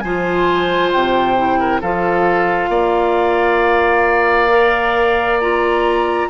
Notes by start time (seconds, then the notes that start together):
0.00 F3 F4 C5 G#5
0.93 C3 G5
1.37 E4
1.60 A#4
1.81 F3 F4 A4 F5
2.69 A#3 D5
4.50 A#4
5.41 F4 A#5